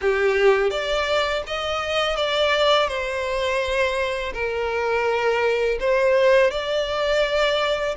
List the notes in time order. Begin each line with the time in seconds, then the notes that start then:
0.01 G4
0.70 D5
1.47 D#5
2.16 D5
2.88 C5
4.33 A#4
5.80 C5
6.50 D5